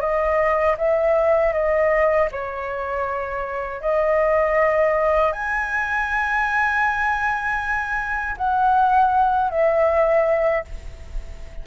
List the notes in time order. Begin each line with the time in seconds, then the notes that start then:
0.00 D#5
0.78 E5
1.53 D#5
2.31 C#5
3.81 D#5
5.32 G#5
8.37 F#5
9.50 E5